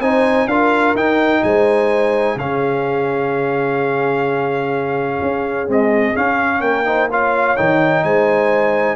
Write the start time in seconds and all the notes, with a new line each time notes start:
0.00 C4 D#4 C5 G#5
0.47 D4 F4 A#4 F5
0.95 D#4 G5
1.44 G#3 C5 G#5
2.36 C#3 C#4 G#4 F5
5.22 C#4
5.68 G#3 C4 D#5
6.15 C#4 F5
6.61 A#3 A#4 G5
6.85 D#4 C5
7.11 F4 C#5 F5
7.57 D#3 D#4 G5
8.04 G#3 C5 G#5